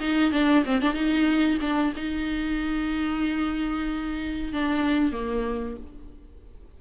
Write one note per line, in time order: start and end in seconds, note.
0.00 0.32 D#4
0.32 0.64 D4
0.65 0.81 C4
0.81 0.93 D4
0.93 1.58 D#4
1.61 1.93 D4
1.96 4.53 D#4
4.53 5.12 D4
5.12 5.77 A#3